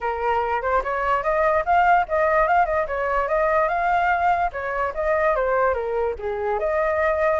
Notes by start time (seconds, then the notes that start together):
0.00 A#4
0.61 C5
0.83 C#5
1.23 D#5
1.65 F5
2.08 D#5
2.47 F5
2.65 D#5
2.87 C#5
3.28 D#5
3.68 F5
4.52 C#5
4.94 D#5
5.35 C5
5.73 A#4
6.18 G#4
6.59 D#5